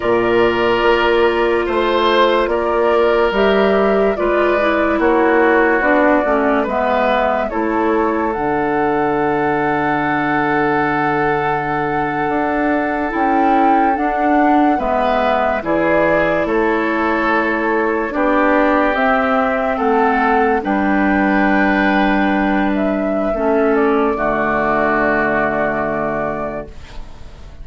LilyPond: <<
  \new Staff \with { instrumentName = "flute" } { \time 4/4 \tempo 4 = 72 d''2 c''4 d''4 | e''4 d''4 cis''4 d''4 | e''4 cis''4 fis''2~ | fis''2.~ fis''8. g''16~ |
g''8. fis''4 e''4 d''4 cis''16~ | cis''4.~ cis''16 d''4 e''4 fis''16~ | fis''8. g''2~ g''8 e''8.~ | e''8 d''2.~ d''8 | }
  \new Staff \with { instrumentName = "oboe" } { \time 4/4 ais'2 c''4 ais'4~ | ais'4 b'4 fis'2 | b'4 a'2.~ | a'1~ |
a'4.~ a'16 b'4 gis'4 a'16~ | a'4.~ a'16 g'2 a'16~ | a'8. b'2.~ b'16 | a'4 fis'2. | }
  \new Staff \with { instrumentName = "clarinet" } { \time 4/4 f'1 | g'4 f'8 e'4. d'8 cis'8 | b4 e'4 d'2~ | d'2.~ d'8. e'16~ |
e'8. d'4 b4 e'4~ e'16~ | e'4.~ e'16 d'4 c'4~ c'16~ | c'8. d'2.~ d'16 | cis'4 a2. | }
  \new Staff \with { instrumentName = "bassoon" } { \time 4/4 ais,4 ais4 a4 ais4 | g4 gis4 ais4 b8 a8 | gis4 a4 d2~ | d2~ d8. d'4 cis'16~ |
cis'8. d'4 gis4 e4 a16~ | a4.~ a16 b4 c'4 a16~ | a8. g2.~ g16 | a4 d2. | }
>>